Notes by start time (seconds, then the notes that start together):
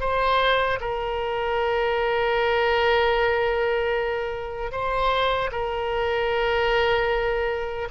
0.00 C5
0.80 A#4
4.72 C5
5.52 A#4